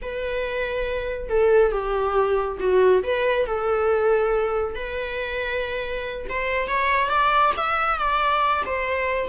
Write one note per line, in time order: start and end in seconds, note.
0.02 1.29 B4
1.29 1.71 A4
1.71 2.58 G4
2.59 3.02 F#4
3.03 3.46 B4
3.46 4.75 A4
4.75 6.26 B4
6.29 6.67 C5
6.67 7.09 C#5
7.09 7.52 D5
7.56 7.98 E5
7.98 8.63 D5
8.65 9.28 C5